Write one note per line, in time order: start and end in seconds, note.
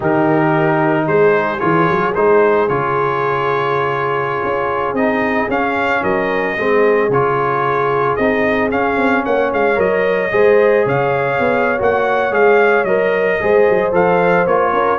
0.00 1.07 D#3
0.00 1.58 D#4
0.00 1.04 G4
0.00 1.07 A#4
1.07 1.60 G#3
1.07 6.02 G#4
1.07 1.59 C5
1.59 1.89 E3
1.59 2.12 F4
1.59 2.13 C#5
1.89 2.16 F#3
2.15 2.69 G#3
2.15 2.68 D#4
2.15 2.68 C5
2.68 4.43 C#3
2.68 4.96 F4
2.68 4.95 C#5
4.43 4.92 C#4
4.92 5.46 C4
4.92 5.49 D#4
4.92 5.49 D#5
5.48 6.02 C#4
5.48 6.56 C#4
5.48 6.03 F5
6.02 6.56 F#3
6.02 6.55 A#4
6.02 7.10 D#5
6.57 7.09 G#3
6.57 7.10 C4
6.57 9.24 G#4
7.09 8.16 C#3
7.09 8.19 F4
7.09 8.15 C#5
8.15 8.71 C4
8.15 8.70 D#4
8.15 8.69 D#5
8.70 9.75 C#4
8.70 8.96 C#4
8.70 9.25 F5
8.96 9.23 C4
9.24 9.52 A#3
9.24 10.31 C#5
9.24 9.52 F#5
9.52 9.78 G#3
9.52 9.80 F5
9.75 10.31 F#3
9.75 10.29 A#4
9.75 10.87 D#5
10.30 10.86 G#3
10.30 11.77 G#4
10.30 10.85 C5
10.85 11.39 C#3
10.85 13.40 C#5
10.85 11.81 F5
11.39 11.79 B3
11.77 12.31 A#3
11.77 12.31 F#4
11.77 12.33 F#5
12.31 12.84 G#3
12.31 12.84 G#4
12.31 12.84 F5
12.84 13.37 F#3
12.84 13.41 A#4
12.84 13.91 D#5
13.41 13.68 G#3
13.41 13.91 G#4
13.41 14.72 C5
13.70 13.92 F#3
13.91 14.46 F3
13.91 14.45 A4
13.91 14.46 F5
14.46 14.72 A#3
14.46 14.99 F4
14.46 14.99 C#5
14.72 14.99 C#4
14.72 14.99 A#4